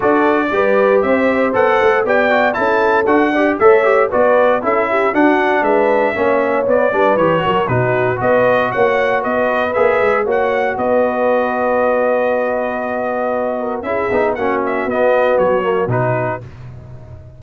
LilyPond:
<<
  \new Staff \with { instrumentName = "trumpet" } { \time 4/4 \tempo 4 = 117 d''2 e''4 fis''4 | g''4 a''4 fis''4 e''4 | d''4 e''4 fis''4 e''4~ | e''4 d''4 cis''4 b'4 |
dis''4 fis''4 dis''4 e''4 | fis''4 dis''2.~ | dis''2. e''4 | fis''8 e''8 dis''4 cis''4 b'4 | }
  \new Staff \with { instrumentName = "horn" } { \time 4/4 a'4 b'4 c''2 | d''4 a'4. d''8 cis''4 | b'4 a'8 g'8 fis'4 b'4 | cis''4. b'4 ais'8 fis'4 |
b'4 cis''4 b'2 | cis''4 b'2.~ | b'2~ b'8 ais'8 gis'4 | fis'1 | }
  \new Staff \with { instrumentName = "trombone" } { \time 4/4 fis'4 g'2 a'4 | g'8 fis'8 e'4 fis'8 g'8 a'8 g'8 | fis'4 e'4 d'2 | cis'4 b8 d'8 g'8 fis'8 dis'4 |
fis'2. gis'4 | fis'1~ | fis'2. e'8 dis'8 | cis'4 b4. ais8 dis'4 | }
  \new Staff \with { instrumentName = "tuba" } { \time 4/4 d'4 g4 c'4 b8 a8 | b4 cis'4 d'4 a4 | b4 cis'4 d'4 gis4 | ais4 b8 g8 e8 fis8 b,4 |
b4 ais4 b4 ais8 gis8 | ais4 b2.~ | b2. cis'8 b8 | ais4 b4 fis4 b,4 | }
>>